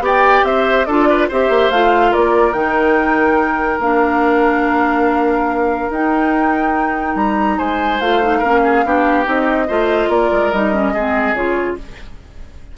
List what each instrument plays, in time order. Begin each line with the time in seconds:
0.00 bassoon B3, clarinet G4, oboe D5
0.06 flute G5
0.43 bassoon C4, oboe C5, flute E5
0.85 bassoon D4, clarinet F4, oboe A4, flute D5
1.09 oboe B4
1.28 bassoon C4, clarinet G4, oboe C5, flute E5
1.49 bassoon A#3
1.70 bassoon A3, clarinet F4, flute F5
2.11 bassoon A#3, oboe A#4, flute D5
2.53 bassoon D#3, clarinet D#4, flute G5
3.79 bassoon A#3, clarinet D4, flute F5
5.90 bassoon D#4, clarinet D#4, flute G5
7.15 bassoon G3, flute A#5
7.58 bassoon G#3, oboe C5, flute G#5
8.00 bassoon A3, clarinet F4, flute F5
8.22 clarinet D#4
8.39 bassoon A#3, clarinet C#4, oboe A#4
8.64 oboe G#4
8.84 bassoon B3, clarinet D4, oboe G4
9.24 bassoon C4, clarinet D#4, flute D#5
9.68 bassoon A3, clarinet F4, oboe C5
10.09 bassoon A#3, oboe A#4, flute D5
10.32 bassoon G#3
10.52 bassoon G3, clarinet D#4, flute D#5
10.73 clarinet C#4
10.93 bassoon G#3, clarinet C4, oboe G#4
11.34 bassoon C#3, clarinet F4, flute C#5